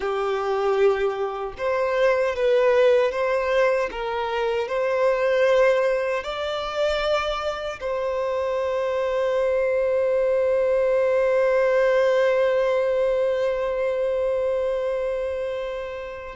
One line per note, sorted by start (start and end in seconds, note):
0.00 1.54 G4
1.57 2.35 C5
2.35 3.11 B4
3.11 3.89 C5
3.91 4.68 A#4
4.68 6.23 C5
6.23 7.79 D5
7.80 16.35 C5